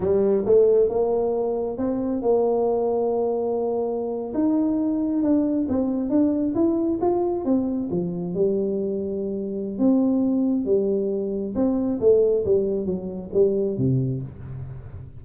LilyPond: \new Staff \with { instrumentName = "tuba" } { \time 4/4 \tempo 4 = 135 g4 a4 ais2 | c'4 ais2.~ | ais4.~ ais16 dis'2 d'16~ | d'8. c'4 d'4 e'4 f'16~ |
f'8. c'4 f4 g4~ g16~ | g2 c'2 | g2 c'4 a4 | g4 fis4 g4 c4 | }